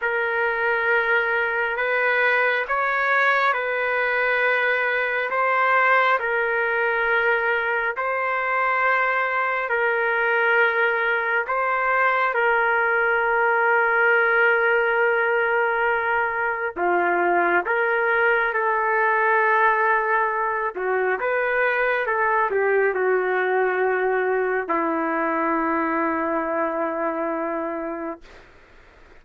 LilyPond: \new Staff \with { instrumentName = "trumpet" } { \time 4/4 \tempo 4 = 68 ais'2 b'4 cis''4 | b'2 c''4 ais'4~ | ais'4 c''2 ais'4~ | ais'4 c''4 ais'2~ |
ais'2. f'4 | ais'4 a'2~ a'8 fis'8 | b'4 a'8 g'8 fis'2 | e'1 | }